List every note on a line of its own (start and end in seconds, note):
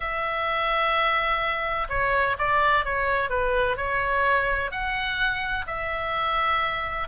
0.00 1.87 E5
1.89 2.36 C#5
2.38 2.85 D5
2.85 3.29 C#5
3.29 3.76 B4
3.76 4.71 C#5
4.71 5.65 F#5
5.66 7.08 E5